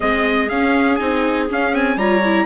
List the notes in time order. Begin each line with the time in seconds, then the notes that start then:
0.00 G#3 C4 G#4 D#5
0.48 C#4 F5
0.95 C4 D#4 G#5
1.49 C#4 F5
1.73 C4 G#5
1.96 G3 F4 C#5 A#5
2.24 E4